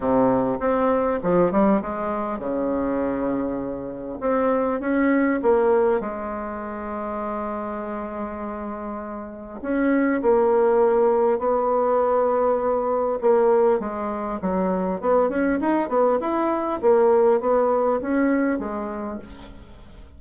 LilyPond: \new Staff \with { instrumentName = "bassoon" } { \time 4/4 \tempo 4 = 100 c4 c'4 f8 g8 gis4 | cis2. c'4 | cis'4 ais4 gis2~ | gis1 |
cis'4 ais2 b4~ | b2 ais4 gis4 | fis4 b8 cis'8 dis'8 b8 e'4 | ais4 b4 cis'4 gis4 | }